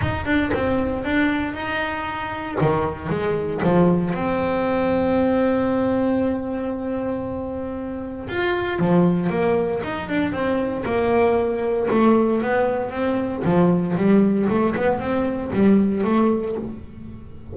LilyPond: \new Staff \with { instrumentName = "double bass" } { \time 4/4 \tempo 4 = 116 dis'8 d'8 c'4 d'4 dis'4~ | dis'4 dis4 gis4 f4 | c'1~ | c'1 |
f'4 f4 ais4 dis'8 d'8 | c'4 ais2 a4 | b4 c'4 f4 g4 | a8 b8 c'4 g4 a4 | }